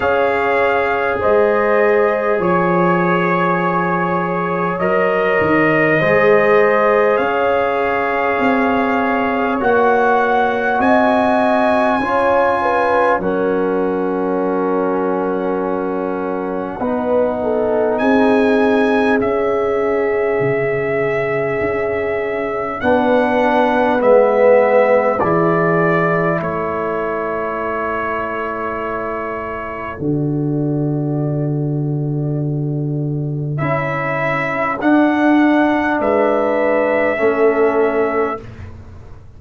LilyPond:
<<
  \new Staff \with { instrumentName = "trumpet" } { \time 4/4 \tempo 4 = 50 f''4 dis''4 cis''2 | dis''2 f''2 | fis''4 gis''2 fis''4~ | fis''2. gis''4 |
e''2. fis''4 | e''4 d''4 cis''2~ | cis''4 d''2. | e''4 fis''4 e''2 | }
  \new Staff \with { instrumentName = "horn" } { \time 4/4 cis''4 c''4 cis''2~ | cis''4 c''4 cis''2~ | cis''4 dis''4 cis''8 b'8 ais'4~ | ais'2 b'8 a'8 gis'4~ |
gis'2. b'4~ | b'4 gis'4 a'2~ | a'1~ | a'2 b'4 a'4 | }
  \new Staff \with { instrumentName = "trombone" } { \time 4/4 gis'1 | ais'4 gis'2. | fis'2 f'4 cis'4~ | cis'2 dis'2 |
cis'2. d'4 | b4 e'2.~ | e'4 fis'2. | e'4 d'2 cis'4 | }
  \new Staff \with { instrumentName = "tuba" } { \time 4/4 cis'4 gis4 f2 | fis8 dis8 gis4 cis'4 c'4 | ais4 c'4 cis'4 fis4~ | fis2 b4 c'4 |
cis'4 cis4 cis'4 b4 | gis4 e4 a2~ | a4 d2. | cis'4 d'4 gis4 a4 | }
>>